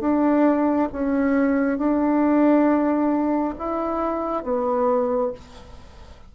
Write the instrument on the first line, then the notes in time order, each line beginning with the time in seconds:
bassoon
0.00 D4
0.93 C#4
1.78 D4
3.59 E4
4.43 B3